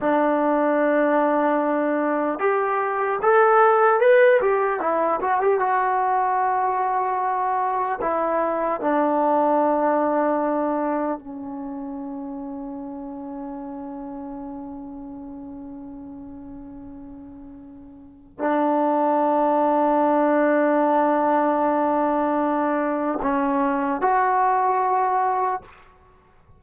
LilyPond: \new Staff \with { instrumentName = "trombone" } { \time 4/4 \tempo 4 = 75 d'2. g'4 | a'4 b'8 g'8 e'8 fis'16 g'16 fis'4~ | fis'2 e'4 d'4~ | d'2 cis'2~ |
cis'1~ | cis'2. d'4~ | d'1~ | d'4 cis'4 fis'2 | }